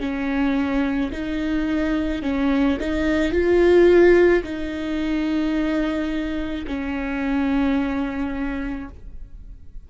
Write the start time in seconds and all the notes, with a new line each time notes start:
0.00 C#4
1.12 D#4
2.22 C#4
2.80 D#4
3.32 F4
4.43 D#4
6.67 C#4